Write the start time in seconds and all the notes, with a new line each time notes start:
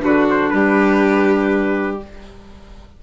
0.00 D3 D4 F#4 B4
0.30 C5
0.50 G3 G4 B4